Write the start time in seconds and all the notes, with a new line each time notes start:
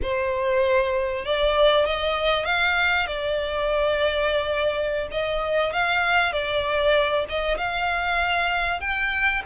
0.02 C5
1.25 D5
1.85 D#5
2.45 F5
3.06 D5
5.11 D#5
5.72 F5
6.32 D5
7.29 D#5
7.57 F5
8.80 G5